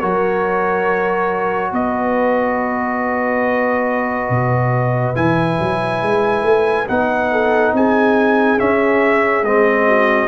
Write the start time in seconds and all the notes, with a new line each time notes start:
0.00 F#3 F#4 A#4 C#5
1.71 B3 B4 D#5
4.29 B2
5.15 E3 E4 G#5
5.59 F#3
6.02 G#3
6.43 A3
6.87 B3 D#4 F#5
7.31 A4
7.73 C4 G#4 G#5
8.58 C#4 E5
9.42 G#3 C4 D#5
9.87 F#4